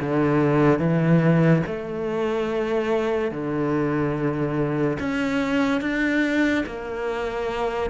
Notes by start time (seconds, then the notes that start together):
0.00 D3
0.79 E3
1.66 A3
3.31 D3
4.99 C#4
5.81 D4
6.66 A#3